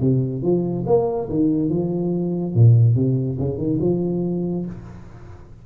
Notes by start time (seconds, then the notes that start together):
0.00 C3
0.42 F3
0.86 A#3
1.29 D#3
1.69 F3
2.54 A#2
2.95 C3
3.38 C#3
3.57 D#3
3.80 F3